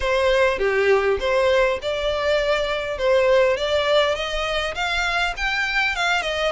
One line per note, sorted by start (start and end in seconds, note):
0.00 0.58 C5
0.58 1.18 G4
1.19 1.79 C5
1.82 2.98 D5
2.98 3.56 C5
3.56 4.15 D5
4.15 4.74 D#5
4.74 5.34 F5
5.36 5.95 G5
5.95 6.21 F5
6.21 6.51 D#5